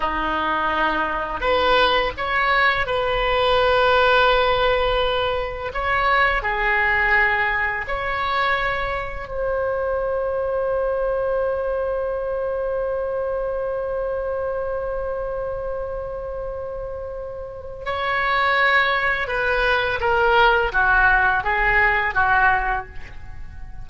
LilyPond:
\new Staff \with { instrumentName = "oboe" } { \time 4/4 \tempo 4 = 84 dis'2 b'4 cis''4 | b'1 | cis''4 gis'2 cis''4~ | cis''4 c''2.~ |
c''1~ | c''1~ | c''4 cis''2 b'4 | ais'4 fis'4 gis'4 fis'4 | }